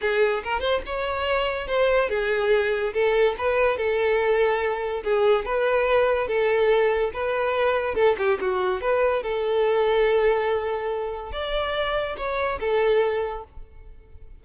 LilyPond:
\new Staff \with { instrumentName = "violin" } { \time 4/4 \tempo 4 = 143 gis'4 ais'8 c''8 cis''2 | c''4 gis'2 a'4 | b'4 a'2. | gis'4 b'2 a'4~ |
a'4 b'2 a'8 g'8 | fis'4 b'4 a'2~ | a'2. d''4~ | d''4 cis''4 a'2 | }